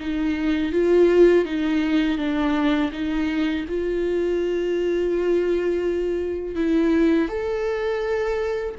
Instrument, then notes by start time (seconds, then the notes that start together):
viola
0.00 D#4
0.73 F4
1.45 D#4
2.18 D4
2.92 D#4
3.69 F4
6.56 E4
7.29 A4